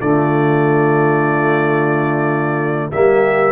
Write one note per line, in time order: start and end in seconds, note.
0.00 2.91 D3
0.00 2.93 A3
0.00 2.90 F4
0.00 2.91 D5
2.92 3.52 G3
2.92 3.52 A#3
2.92 3.52 G4
2.92 3.52 E5